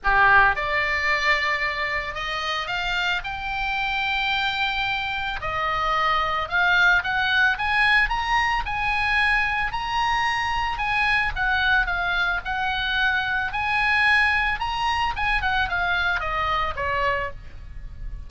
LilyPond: \new Staff \with { instrumentName = "oboe" } { \time 4/4 \tempo 4 = 111 g'4 d''2. | dis''4 f''4 g''2~ | g''2 dis''2 | f''4 fis''4 gis''4 ais''4 |
gis''2 ais''2 | gis''4 fis''4 f''4 fis''4~ | fis''4 gis''2 ais''4 | gis''8 fis''8 f''4 dis''4 cis''4 | }